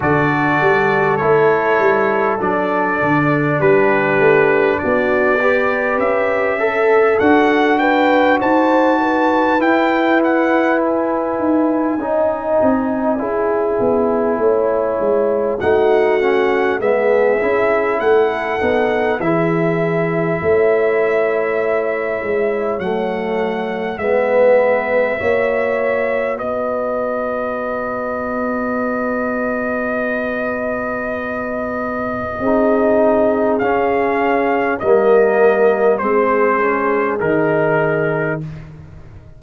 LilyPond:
<<
  \new Staff \with { instrumentName = "trumpet" } { \time 4/4 \tempo 4 = 50 d''4 cis''4 d''4 b'4 | d''4 e''4 fis''8 g''8 a''4 | g''8 fis''8 gis''2.~ | gis''4 fis''4 e''4 fis''4 |
e''2. fis''4 | e''2 dis''2~ | dis''1 | f''4 dis''4 c''4 ais'4 | }
  \new Staff \with { instrumentName = "horn" } { \time 4/4 a'2. g'4 | fis'8 b'4 a'4 b'8 c''8 b'8~ | b'2 dis''4 gis'4 | cis''4 fis'4 gis'4 a'4 |
gis'4 cis''2. | b'4 cis''4 b'2~ | b'2. gis'4~ | gis'4 ais'4 gis'2 | }
  \new Staff \with { instrumentName = "trombone" } { \time 4/4 fis'4 e'4 d'2~ | d'8 g'4 a'8 fis'2 | e'2 dis'4 e'4~ | e'4 dis'8 cis'8 b8 e'4 dis'8 |
e'2. a4 | b4 fis'2.~ | fis'2. dis'4 | cis'4 ais4 c'8 cis'8 dis'4 | }
  \new Staff \with { instrumentName = "tuba" } { \time 4/4 d8 g8 a8 g8 fis8 d8 g8 a8 | b4 cis'4 d'4 dis'4 | e'4. dis'8 cis'8 c'8 cis'8 b8 | a8 gis8 a4 gis8 cis'8 a8 b8 |
e4 a4. gis8 fis4 | gis4 ais4 b2~ | b2. c'4 | cis'4 g4 gis4 dis4 | }
>>